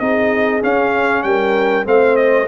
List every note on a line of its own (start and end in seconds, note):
0.00 0.62 C4
0.00 0.62 D#4
0.00 1.25 G#4
0.00 0.62 D#5
0.62 1.85 C#4
0.62 1.24 C#4
0.62 1.23 F5
1.23 1.86 G3
1.23 1.86 A#4
1.23 1.85 G5
1.85 2.48 A3
1.85 2.47 C4
1.85 2.48 C5
1.85 2.16 F5
2.16 2.47 D#5